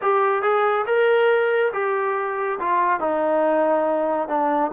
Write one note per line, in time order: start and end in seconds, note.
0.01 0.42 G4
0.42 0.85 G#4
0.86 1.72 A#4
1.73 2.58 G4
2.59 3.00 F4
3.00 4.28 D#4
4.28 4.71 D4